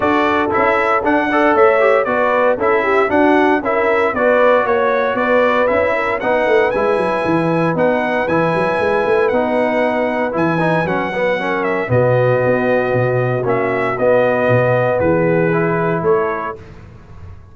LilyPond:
<<
  \new Staff \with { instrumentName = "trumpet" } { \time 4/4 \tempo 4 = 116 d''4 e''4 fis''4 e''4 | d''4 e''4 fis''4 e''4 | d''4 cis''4 d''4 e''4 | fis''4 gis''2 fis''4 |
gis''2 fis''2 | gis''4 fis''4. e''8 dis''4~ | dis''2 e''4 dis''4~ | dis''4 b'2 cis''4 | }
  \new Staff \with { instrumentName = "horn" } { \time 4/4 a'2~ a'8 d''8 cis''4 | b'4 a'8 g'8 fis'4 ais'4 | b'4 cis''4 b'4. ais'8 | b'1~ |
b'1~ | b'2 ais'4 fis'4~ | fis'1~ | fis'4 gis'2 a'4 | }
  \new Staff \with { instrumentName = "trombone" } { \time 4/4 fis'4 e'4 d'8 a'4 g'8 | fis'4 e'4 d'4 e'4 | fis'2. e'4 | dis'4 e'2 dis'4 |
e'2 dis'2 | e'8 dis'8 cis'8 b8 cis'4 b4~ | b2 cis'4 b4~ | b2 e'2 | }
  \new Staff \with { instrumentName = "tuba" } { \time 4/4 d'4 cis'4 d'4 a4 | b4 cis'4 d'4 cis'4 | b4 ais4 b4 cis'4 | b8 a8 gis8 fis8 e4 b4 |
e8 fis8 gis8 a8 b2 | e4 fis2 b,4 | b4 b,4 ais4 b4 | b,4 e2 a4 | }
>>